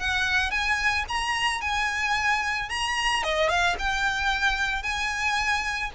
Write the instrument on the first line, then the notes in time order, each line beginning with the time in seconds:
violin
0.00 F#5
0.51 G#5
1.09 A#5
1.61 G#5
2.69 A#5
3.24 D#5
3.49 F5
3.79 G5
4.83 G#5